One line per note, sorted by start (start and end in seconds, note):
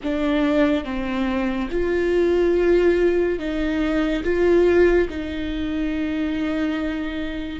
0.03 0.84 D4
0.84 1.69 C4
1.71 3.38 F4
3.38 4.23 D#4
4.23 5.08 F4
5.09 7.59 D#4